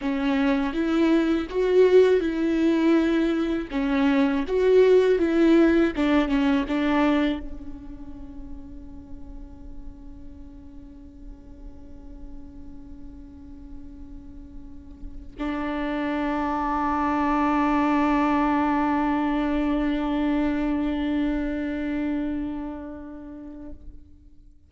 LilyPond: \new Staff \with { instrumentName = "viola" } { \time 4/4 \tempo 4 = 81 cis'4 e'4 fis'4 e'4~ | e'4 cis'4 fis'4 e'4 | d'8 cis'8 d'4 cis'2~ | cis'1~ |
cis'1~ | cis'8. d'2.~ d'16~ | d'1~ | d'1 | }